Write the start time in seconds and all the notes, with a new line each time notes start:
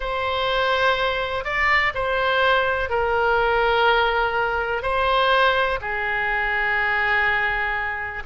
0.00 C5
1.44 D5
1.94 C5
2.89 A#4
4.82 C5
5.81 G#4